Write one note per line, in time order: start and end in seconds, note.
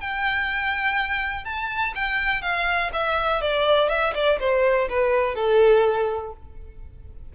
0.00 1.44 G5
1.44 1.93 A5
1.95 2.41 G5
2.41 2.90 F5
2.93 3.41 E5
3.41 3.89 D5
3.89 4.13 E5
4.14 4.39 D5
4.39 4.88 C5
4.89 5.35 B4
5.35 6.33 A4